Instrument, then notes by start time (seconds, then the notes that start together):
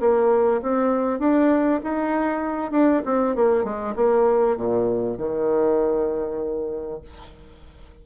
bassoon
0.00 A#3
0.62 C4
1.19 D4
1.83 D#4
2.71 D4
3.05 C4
3.36 A#3
3.64 G#3
3.95 A#3
4.57 A#2
5.18 D#3